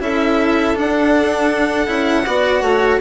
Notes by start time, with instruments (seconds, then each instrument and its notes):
0.00 bassoon C#4, cello E4, violin A4 E5
0.75 cello D4, bassoon D4, violin F#5
1.87 bassoon C#4, cello E4
2.25 bassoon B3, cello F#4, violin D5
2.62 bassoon A3, violin C#5